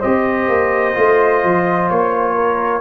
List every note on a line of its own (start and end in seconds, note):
0.00 0.49 C4
0.00 0.95 G4
0.00 2.34 C5
0.00 1.89 D#5
0.49 0.96 A#3
0.95 1.44 A3
0.95 2.81 F4
1.44 1.91 F3
1.90 2.81 A#3
1.90 2.81 C#5
2.35 2.81 A#4